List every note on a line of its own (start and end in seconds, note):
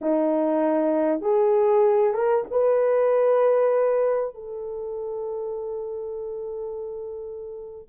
0.01 1.21 D#4
1.21 2.13 G#4
2.13 2.44 A#4
2.51 4.34 B4
4.34 7.89 A4